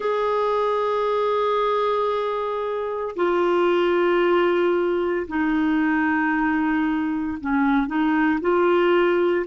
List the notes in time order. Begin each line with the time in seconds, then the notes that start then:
0.00 G#4
3.16 F4
5.27 D#4
7.40 C#4
7.87 D#4
8.40 F4